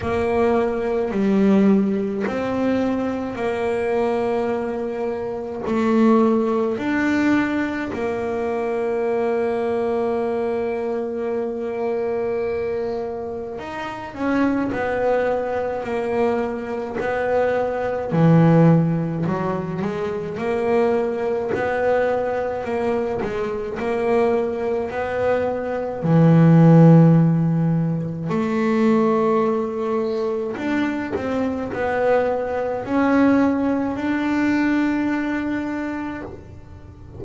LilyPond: \new Staff \with { instrumentName = "double bass" } { \time 4/4 \tempo 4 = 53 ais4 g4 c'4 ais4~ | ais4 a4 d'4 ais4~ | ais1 | dis'8 cis'8 b4 ais4 b4 |
e4 fis8 gis8 ais4 b4 | ais8 gis8 ais4 b4 e4~ | e4 a2 d'8 c'8 | b4 cis'4 d'2 | }